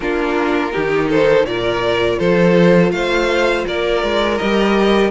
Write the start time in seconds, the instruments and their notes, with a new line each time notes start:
0.00 cello A#3, viola D4, violin F4 A#4
0.71 cello D#3, viola D#4, violin G4
1.09 violin A4 C5
1.45 cello A#2, viola F4, violin A#4 D5
2.19 cello F3, violin A4 C5
2.91 cello A3, violin C5 F5
3.66 cello A#3, violin A#4 D5
4.03 cello G#3
4.37 cello G3, viola G4, violin D#5